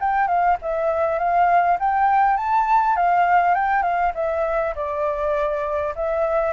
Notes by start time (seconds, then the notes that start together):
0.00 G5
0.28 F5
0.62 E5
1.19 F5
1.80 G5
2.37 A5
2.96 F5
3.55 G5
3.83 F5
4.15 E5
4.76 D5
5.95 E5